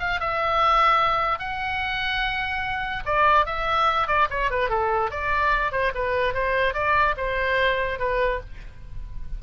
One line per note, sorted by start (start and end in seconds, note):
0.00 0.20 F5
0.20 1.39 E5
1.39 3.04 F#5
3.05 3.46 D5
3.46 4.07 E5
4.07 4.28 D5
4.30 4.51 C#5
4.51 4.69 B4
4.69 5.11 A4
5.11 5.72 D5
5.72 5.92 C5
5.95 6.34 B4
6.34 6.74 C5
6.74 7.15 D5
7.17 7.99 C5
7.99 8.40 B4